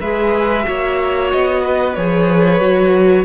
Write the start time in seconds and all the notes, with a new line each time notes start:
0.00 G#3 G#4 B4 E5
0.63 A#3 F#4 C#5
1.31 B3 D#5
1.62 B4
1.94 F3 G#4 C#5
2.59 F#3 F#4